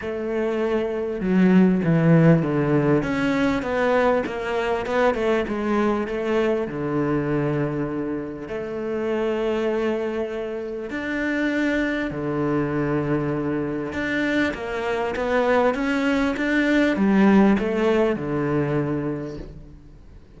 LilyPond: \new Staff \with { instrumentName = "cello" } { \time 4/4 \tempo 4 = 99 a2 fis4 e4 | d4 cis'4 b4 ais4 | b8 a8 gis4 a4 d4~ | d2 a2~ |
a2 d'2 | d2. d'4 | ais4 b4 cis'4 d'4 | g4 a4 d2 | }